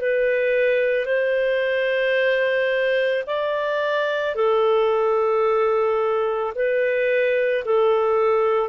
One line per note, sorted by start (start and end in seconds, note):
0.00 1.06 B4
1.06 3.24 C5
3.26 4.35 D5
4.35 6.53 A4
6.55 7.64 B4
7.64 8.69 A4